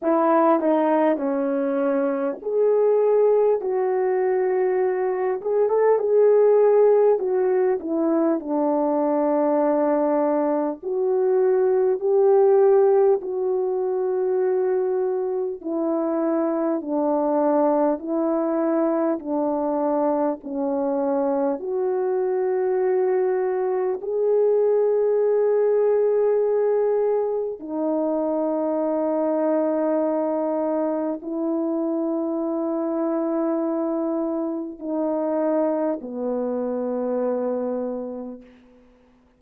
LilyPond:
\new Staff \with { instrumentName = "horn" } { \time 4/4 \tempo 4 = 50 e'8 dis'8 cis'4 gis'4 fis'4~ | fis'8 gis'16 a'16 gis'4 fis'8 e'8 d'4~ | d'4 fis'4 g'4 fis'4~ | fis'4 e'4 d'4 e'4 |
d'4 cis'4 fis'2 | gis'2. dis'4~ | dis'2 e'2~ | e'4 dis'4 b2 | }